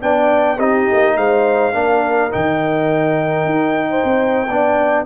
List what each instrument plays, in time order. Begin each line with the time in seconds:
0.00 tuba B3, trombone D4, horn D5, trumpet G5
0.57 tuba C4, trombone D#4, horn G4, trumpet D#5
0.92 tuba A#3
1.16 tuba G#3, horn C5, trumpet F5
1.73 tuba A#3, trombone D4, horn A#4
2.30 tuba D#3, trombone D#4, trumpet G5
3.45 tuba D#4
3.89 horn C5
4.04 tuba C4
4.48 tuba B3, trombone D4, horn D5